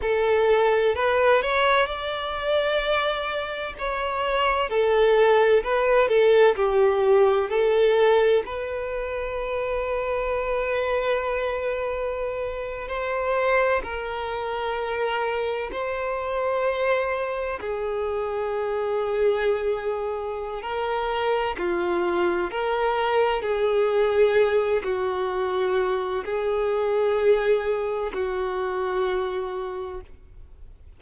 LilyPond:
\new Staff \with { instrumentName = "violin" } { \time 4/4 \tempo 4 = 64 a'4 b'8 cis''8 d''2 | cis''4 a'4 b'8 a'8 g'4 | a'4 b'2.~ | b'4.~ b'16 c''4 ais'4~ ais'16~ |
ais'8. c''2 gis'4~ gis'16~ | gis'2 ais'4 f'4 | ais'4 gis'4. fis'4. | gis'2 fis'2 | }